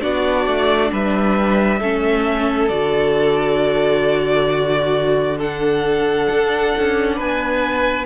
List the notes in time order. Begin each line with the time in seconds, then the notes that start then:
0.00 B3 D4 F#4 D5
0.46 A3
0.92 G3 B4 E5
1.79 A3 C#4 A4
2.68 D3 F#4 D5
4.51 F#4
5.38 D4 A4 F#5
6.29 D4
6.78 C#4
7.16 B3 B4 G#5